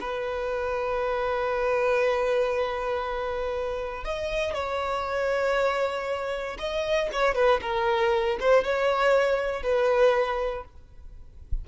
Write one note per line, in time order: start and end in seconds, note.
0.00 4.04 B4
4.04 4.53 D#5
4.53 6.57 C#5
6.58 7.09 D#5
7.12 7.35 C#5
7.35 7.60 B4
7.61 8.37 A#4
8.39 8.64 C5
8.64 9.62 C#5
9.62 10.64 B4